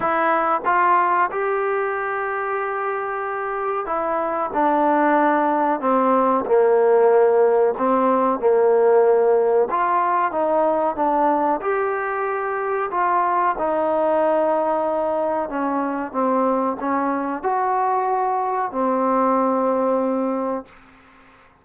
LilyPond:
\new Staff \with { instrumentName = "trombone" } { \time 4/4 \tempo 4 = 93 e'4 f'4 g'2~ | g'2 e'4 d'4~ | d'4 c'4 ais2 | c'4 ais2 f'4 |
dis'4 d'4 g'2 | f'4 dis'2. | cis'4 c'4 cis'4 fis'4~ | fis'4 c'2. | }